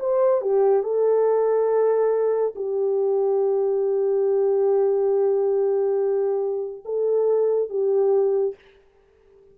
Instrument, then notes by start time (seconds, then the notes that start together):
horn
0.00 C5
0.41 G4
0.83 A4
2.56 G4
6.85 A4
7.69 G4